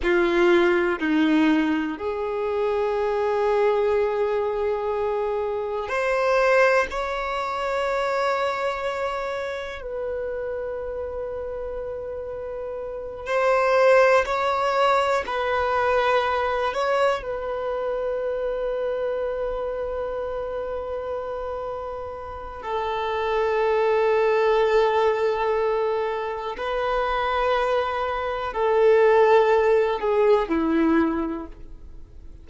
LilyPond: \new Staff \with { instrumentName = "violin" } { \time 4/4 \tempo 4 = 61 f'4 dis'4 gis'2~ | gis'2 c''4 cis''4~ | cis''2 b'2~ | b'4. c''4 cis''4 b'8~ |
b'4 cis''8 b'2~ b'8~ | b'2. a'4~ | a'2. b'4~ | b'4 a'4. gis'8 e'4 | }